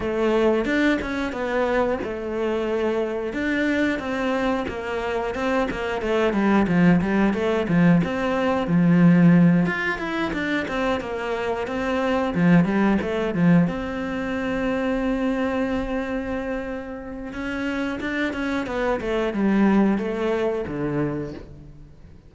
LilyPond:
\new Staff \with { instrumentName = "cello" } { \time 4/4 \tempo 4 = 90 a4 d'8 cis'8 b4 a4~ | a4 d'4 c'4 ais4 | c'8 ais8 a8 g8 f8 g8 a8 f8 | c'4 f4. f'8 e'8 d'8 |
c'8 ais4 c'4 f8 g8 a8 | f8 c'2.~ c'8~ | c'2 cis'4 d'8 cis'8 | b8 a8 g4 a4 d4 | }